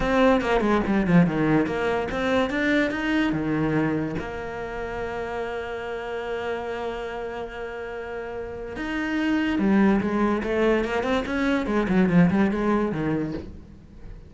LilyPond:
\new Staff \with { instrumentName = "cello" } { \time 4/4 \tempo 4 = 144 c'4 ais8 gis8 g8 f8 dis4 | ais4 c'4 d'4 dis'4 | dis2 ais2~ | ais1~ |
ais1~ | ais4 dis'2 g4 | gis4 a4 ais8 c'8 cis'4 | gis8 fis8 f8 g8 gis4 dis4 | }